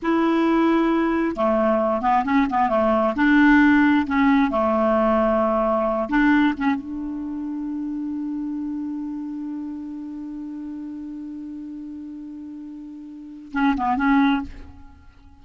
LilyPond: \new Staff \with { instrumentName = "clarinet" } { \time 4/4 \tempo 4 = 133 e'2. a4~ | a8 b8 cis'8 b8 a4 d'4~ | d'4 cis'4 a2~ | a4. d'4 cis'8 d'4~ |
d'1~ | d'1~ | d'1~ | d'2 cis'8 b8 cis'4 | }